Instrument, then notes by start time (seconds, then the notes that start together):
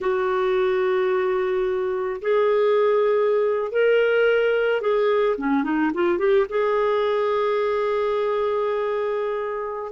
clarinet
0.01 F#4
2.21 G#4
3.71 A#4
4.81 G#4
5.37 C#4
5.63 D#4
5.93 F4
6.18 G4
6.49 G#4